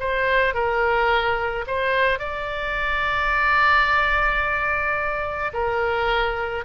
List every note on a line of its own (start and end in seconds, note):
0.00 0.54 C5
0.54 1.65 A#4
1.67 2.19 C5
2.19 5.53 D5
5.54 6.65 A#4